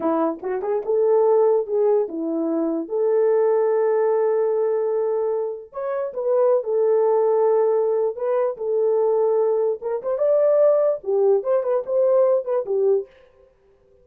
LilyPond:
\new Staff \with { instrumentName = "horn" } { \time 4/4 \tempo 4 = 147 e'4 fis'8 gis'8 a'2 | gis'4 e'2 a'4~ | a'1~ | a'2 cis''4 b'4~ |
b'16 a'2.~ a'8. | b'4 a'2. | ais'8 c''8 d''2 g'4 | c''8 b'8 c''4. b'8 g'4 | }